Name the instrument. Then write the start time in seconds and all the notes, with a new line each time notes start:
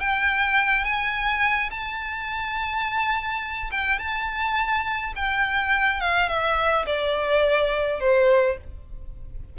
violin
0.00 G5
0.84 G#5
1.71 A5
3.71 G5
3.99 A5
5.16 G5
6.01 F5
6.29 E5
6.86 D5
8.00 C5